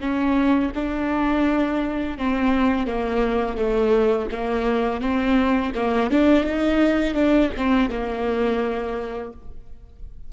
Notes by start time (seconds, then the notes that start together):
0.00 C#4
0.75 D4
2.18 C4
2.87 A#3
3.56 A3
4.31 A#3
5.01 C4
5.75 A#3
6.10 D4
6.44 D#4
7.14 D4
7.56 C4
7.89 A#3